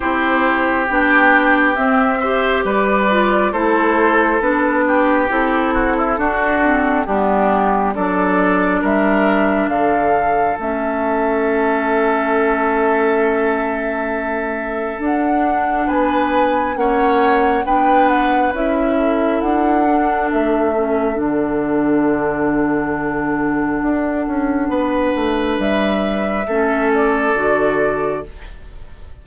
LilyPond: <<
  \new Staff \with { instrumentName = "flute" } { \time 4/4 \tempo 4 = 68 c''4 g''4 e''4 d''4 | c''4 b'4 a'2 | g'4 d''4 e''4 f''4 | e''1~ |
e''4 fis''4 gis''4 fis''4 | g''8 fis''8 e''4 fis''4 e''4 | fis''1~ | fis''4 e''4. d''4. | }
  \new Staff \with { instrumentName = "oboe" } { \time 4/4 g'2~ g'8 c''8 b'4 | a'4. g'4 fis'16 e'16 fis'4 | d'4 a'4 ais'4 a'4~ | a'1~ |
a'2 b'4 cis''4 | b'4. a'2~ a'8~ | a'1 | b'2 a'2 | }
  \new Staff \with { instrumentName = "clarinet" } { \time 4/4 e'4 d'4 c'8 g'4 f'8 | e'4 d'4 e'4 d'8 c'8 | b4 d'2. | cis'1~ |
cis'4 d'2 cis'4 | d'4 e'4. d'4 cis'8 | d'1~ | d'2 cis'4 fis'4 | }
  \new Staff \with { instrumentName = "bassoon" } { \time 4/4 c'4 b4 c'4 g4 | a4 b4 c'4 d'4 | g4 fis4 g4 d4 | a1~ |
a4 d'4 b4 ais4 | b4 cis'4 d'4 a4 | d2. d'8 cis'8 | b8 a8 g4 a4 d4 | }
>>